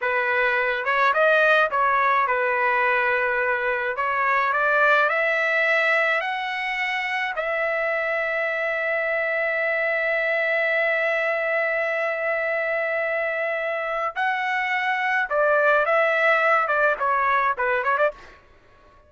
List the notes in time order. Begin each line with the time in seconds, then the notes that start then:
0.01 B4
0.85 C#5
1.13 D#5
1.70 C#5
2.27 B4
3.96 C#5
4.52 D5
5.09 E5
6.20 F#5
7.36 E5
14.15 F#5
15.29 D5
15.85 E5
16.67 D5
16.99 C#5
17.57 B4
17.83 C#5
17.97 D5